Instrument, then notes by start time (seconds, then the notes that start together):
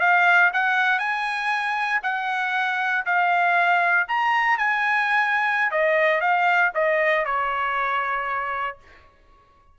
trumpet
0.00 F5
0.53 F#5
0.98 G#5
2.03 F#5
3.06 F5
4.08 A#5
4.58 G#5
5.71 D#5
6.21 F5
6.74 D#5
7.25 C#5